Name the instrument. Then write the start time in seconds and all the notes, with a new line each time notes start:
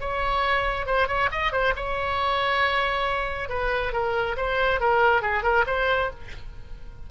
oboe
0.00 C#5
0.86 C5
1.08 C#5
1.31 D#5
1.52 C5
1.76 C#5
3.49 B4
3.92 A#4
4.37 C5
4.80 A#4
5.22 G#4
5.43 A#4
5.67 C5